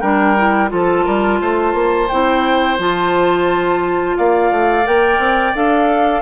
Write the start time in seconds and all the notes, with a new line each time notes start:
0.00 G3 D4 A#4 G5
0.37 E4
0.69 F3 F4 A4 A5
1.05 G3 A#4
1.41 A3 C5
1.73 A#3
2.08 C4 E4 G5
2.78 F3 F4 A5
4.18 A#3 D5 F5
4.51 A3
4.84 A#3 A#4 G5
5.18 C4
5.55 D4 A4 F5